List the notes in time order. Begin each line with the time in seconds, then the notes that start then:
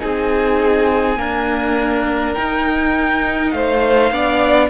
0.00 C4 D#4 G#4 G#5
1.17 A#3 D4 A#4
2.34 D#4 G5
3.51 A3 C5 F5
4.11 B3 D4 D5